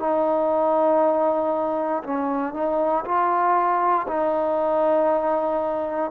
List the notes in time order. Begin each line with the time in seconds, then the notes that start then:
0.00 D#4
2.04 C#4
2.54 D#4
3.05 F4
4.08 D#4